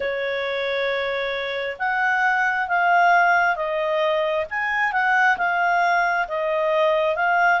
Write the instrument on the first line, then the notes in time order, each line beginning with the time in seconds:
clarinet
0.00 C#5
1.79 F#5
2.68 F5
3.56 D#5
4.49 G#5
4.92 F#5
5.37 F5
6.27 D#5
7.15 F5